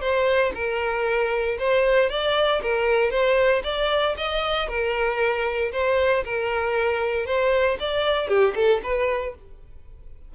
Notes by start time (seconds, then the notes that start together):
0.00 C5
0.54 A#4
1.58 C5
2.09 D5
2.62 A#4
3.10 C5
3.63 D5
4.17 D#5
4.68 A#4
5.72 C5
6.24 A#4
7.25 C5
7.79 D5
8.28 G4
8.55 A4
8.83 B4